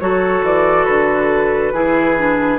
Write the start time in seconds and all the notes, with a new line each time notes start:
0.00 F#3 F#4 A4 C#5
0.42 E3 D5
0.84 D3 B4
1.72 E3 E4 G#4
2.17 D4